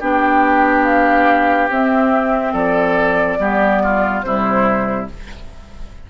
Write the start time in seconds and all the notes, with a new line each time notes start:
0.00 B3 D4 G4 G5
0.84 F5
1.70 C4 E5
2.53 F3 A4 D5
3.39 G3 B3 G4
3.83 F4
4.23 C3 G3 E4 C5